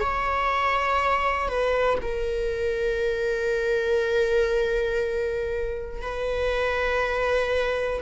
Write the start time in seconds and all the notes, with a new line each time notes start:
0.00 C#5
1.48 B4
2.02 A#4
6.01 B4